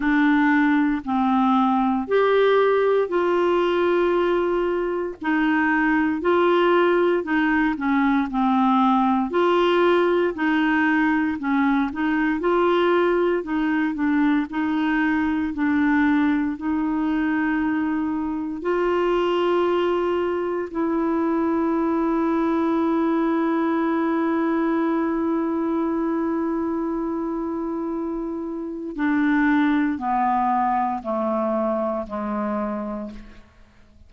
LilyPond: \new Staff \with { instrumentName = "clarinet" } { \time 4/4 \tempo 4 = 58 d'4 c'4 g'4 f'4~ | f'4 dis'4 f'4 dis'8 cis'8 | c'4 f'4 dis'4 cis'8 dis'8 | f'4 dis'8 d'8 dis'4 d'4 |
dis'2 f'2 | e'1~ | e'1 | d'4 b4 a4 gis4 | }